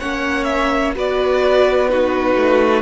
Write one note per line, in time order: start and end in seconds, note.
0.00 0.96 A#3
0.00 0.96 C#4
0.00 0.95 C#5
0.00 0.44 F#5
0.44 0.92 E5
0.96 2.36 B3
0.96 1.89 F#4
0.96 1.91 B4
0.96 1.89 D5
1.89 2.83 D#4
1.89 2.83 F#4
1.89 2.83 B4
2.36 2.83 A3